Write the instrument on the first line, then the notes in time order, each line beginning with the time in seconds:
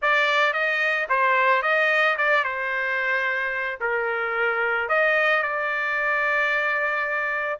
trumpet
0.02 D5
0.53 D#5
1.09 C5
1.62 D#5
2.17 D5
2.44 C5
3.80 A#4
4.88 D#5
5.42 D5